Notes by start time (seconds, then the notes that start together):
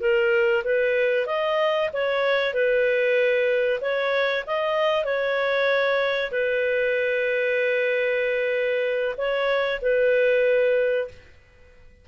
0.00 A#4
0.64 B4
1.26 D#5
1.93 C#5
2.53 B4
3.81 C#5
4.46 D#5
5.04 C#5
6.31 B4
9.17 C#5
9.81 B4